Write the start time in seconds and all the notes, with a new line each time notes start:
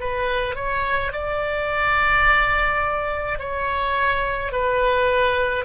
0.00 B4
0.56 C#5
1.13 D5
3.39 C#5
4.52 B4